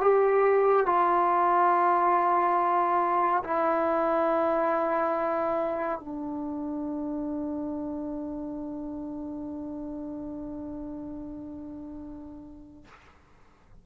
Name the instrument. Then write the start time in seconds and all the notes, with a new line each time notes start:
trombone
0.00 G4
0.86 F4
3.44 E4
5.99 D4